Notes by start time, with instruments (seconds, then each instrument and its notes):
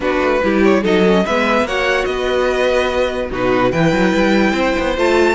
0.00 cello B3, viola D4, violin F#4 B4
0.20 cello A3
0.43 cello G3, viola E4, violin G4
0.63 violin C#5
0.82 cello F#3, viola D#4, violin A4 D#5
1.05 viola C#4
1.25 cello G#3, viola B3, violin B4 E5
1.62 cello A#3, viola F#4, violin C#5 F#5
2.04 cello B3, violin B4 D#5
3.30 cello B2, viola D#4, violin F#4 B4
3.71 cello E3, viola E4, violin B4 G5
3.92 cello F#3
4.13 cello G3
4.51 cello C4, violin C5
4.78 cello B3
4.97 cello A3, viola F4, violin A5